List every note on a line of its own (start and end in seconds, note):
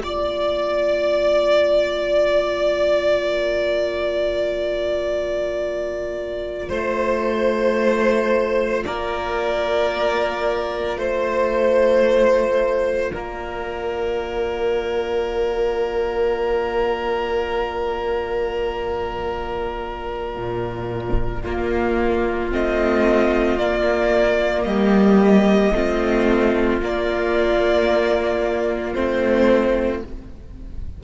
0.00 6.70 A#3
0.00 21.45 F4
0.00 3.23 D5
0.00 6.69 D5
3.23 6.69 A#4
6.69 8.84 A3
6.69 8.83 C5
8.84 10.97 A#3
8.84 10.98 A#4
8.84 10.98 D5
10.97 13.11 A3
10.97 13.12 C5
10.97 13.13 C5
13.13 20.36 A#3
13.13 21.42 A#4
13.13 22.50 D5
20.36 21.43 A#2
21.42 22.51 A#3
21.42 22.52 A#3
21.42 24.64 F4
22.51 23.58 A3
22.51 23.58 C4
22.51 23.58 D#5
23.58 24.64 A#3
23.58 25.74 A#3
23.58 24.63 D5
24.63 25.71 G3
24.63 25.74 G4
24.63 26.77 D#5
25.73 26.80 A3
25.73 26.81 C4
25.73 30.03 F4
26.80 28.94 A#3
26.80 28.95 A#3
26.80 28.94 D5
28.94 30.02 A3
28.94 30.02 C4
28.94 30.01 C5